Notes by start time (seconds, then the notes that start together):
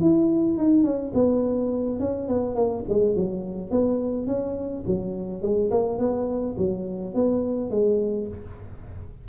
0.00 E4
0.57 D#4
0.83 C#4
1.14 B3
1.99 C#4
2.28 B3
2.55 A#3
2.89 G#3
3.15 F#3
3.70 B3
4.26 C#4
4.86 F#3
5.42 G#3
5.70 A#3
5.98 B3
6.57 F#3
7.14 B3
7.70 G#3